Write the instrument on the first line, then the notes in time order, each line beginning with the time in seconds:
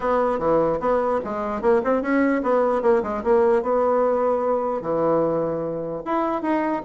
bassoon
0.00 B3
0.38 E3
0.79 B3
1.24 G#3
1.61 A#3
1.84 C4
2.01 C#4
2.43 B3
2.82 A#3
3.03 G#3
3.23 A#3
3.62 B3
4.81 E3
6.05 E4
6.42 D#4